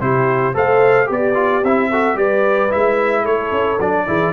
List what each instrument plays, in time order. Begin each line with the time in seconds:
0.00 tuba C3, trombone E4, horn G4, trumpet C5
0.54 tuba A3, trombone A4, horn C5, trumpet F5
1.05 tuba B3, trombone G4, horn G4, trumpet D5
1.34 trombone F4
1.63 tuba C4, trombone E4, trumpet E5
1.90 trombone F#4, horn A4
2.14 tuba G3, trombone G4, horn B4, trumpet D5
2.69 tuba G#3, trombone E4, trumpet E5
3.22 tuba A3, horn A4, trumpet C#5
3.51 tuba C#4
3.79 tuba F#3, trombone D4, trumpet D5
4.06 tuba E3, trombone E4, horn G#4